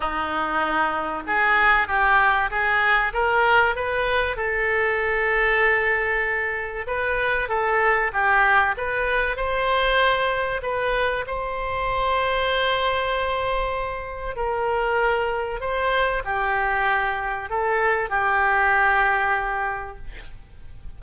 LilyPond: \new Staff \with { instrumentName = "oboe" } { \time 4/4 \tempo 4 = 96 dis'2 gis'4 g'4 | gis'4 ais'4 b'4 a'4~ | a'2. b'4 | a'4 g'4 b'4 c''4~ |
c''4 b'4 c''2~ | c''2. ais'4~ | ais'4 c''4 g'2 | a'4 g'2. | }